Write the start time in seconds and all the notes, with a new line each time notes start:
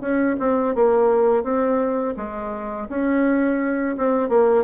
0.00 C#4
0.39 C4
0.74 A#3
1.43 C4
2.16 G#3
2.89 C#4
3.97 C4
4.29 A#3